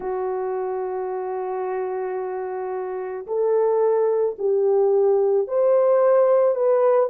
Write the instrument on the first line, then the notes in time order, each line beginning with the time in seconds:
horn
0.00 F#4
3.27 A4
4.38 G4
5.47 C5
6.55 B4